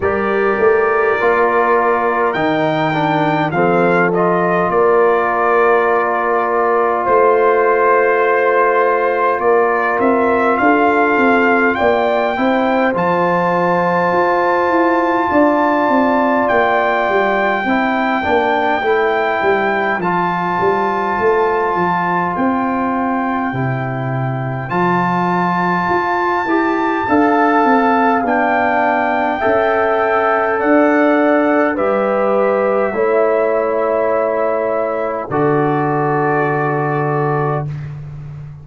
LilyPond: <<
  \new Staff \with { instrumentName = "trumpet" } { \time 4/4 \tempo 4 = 51 d''2 g''4 f''8 dis''8 | d''2 c''2 | d''8 e''8 f''4 g''4 a''4~ | a''2 g''2~ |
g''4 a''2 g''4~ | g''4 a''2. | g''2 fis''4 e''4~ | e''2 d''2 | }
  \new Staff \with { instrumentName = "horn" } { \time 4/4 ais'2. a'4 | ais'2 c''2 | ais'4 a'4 d''8 c''4.~ | c''4 d''2 c''4~ |
c''1~ | c''2. f''4~ | f''4 e''4 d''4 b'4 | cis''2 a'2 | }
  \new Staff \with { instrumentName = "trombone" } { \time 4/4 g'4 f'4 dis'8 d'8 c'8 f'8~ | f'1~ | f'2~ f'8 e'8 f'4~ | f'2. e'8 d'8 |
e'4 f'2. | e'4 f'4. g'8 a'4 | d'4 a'2 g'4 | e'2 fis'2 | }
  \new Staff \with { instrumentName = "tuba" } { \time 4/4 g8 a8 ais4 dis4 f4 | ais2 a2 | ais8 c'8 d'8 c'8 ais8 c'8 f4 | f'8 e'8 d'8 c'8 ais8 g8 c'8 ais8 |
a8 g8 f8 g8 a8 f8 c'4 | c4 f4 f'8 e'8 d'8 c'8 | b4 cis'4 d'4 g4 | a2 d2 | }
>>